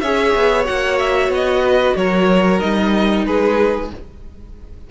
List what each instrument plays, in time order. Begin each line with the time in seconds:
0.00 cello C#4, viola G#4, violin C#5 E5
0.35 cello B3
0.64 cello A#3, viola F#4, violin F#5
0.99 violin E5
1.28 cello B3, violin D#5
1.65 violin B4
1.96 cello F#3, violin A#4 C#5
2.60 cello G3, viola D#4, violin D#5
3.26 cello G#3, violin G#4 B4